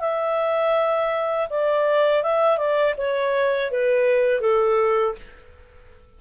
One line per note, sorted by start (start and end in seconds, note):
0.00 1.48 E5
1.50 2.23 D5
2.23 2.57 E5
2.57 2.94 D5
2.97 3.71 C#5
3.71 4.41 B4
4.41 5.15 A4